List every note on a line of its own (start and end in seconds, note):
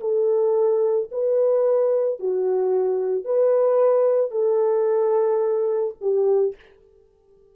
0.00 1.09 A4
1.12 2.19 B4
2.19 3.24 F#4
3.24 4.31 B4
4.31 5.95 A4
6.00 6.55 G4